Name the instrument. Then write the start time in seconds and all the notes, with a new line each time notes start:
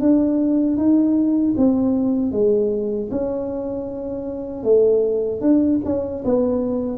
tuba
0.00 D4
0.77 D#4
1.57 C4
2.31 G#3
3.11 C#4
4.63 A3
5.40 D4
5.84 C#4
6.24 B3